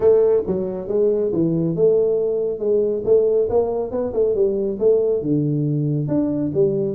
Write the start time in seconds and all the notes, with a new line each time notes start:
0.00 A3
0.46 F#3
0.88 G#3
1.32 E3
1.75 A3
2.59 G#3
3.05 A3
3.49 A#3
3.91 B3
4.13 A3
4.34 G3
4.79 A3
5.22 D3
6.08 D4
6.54 G3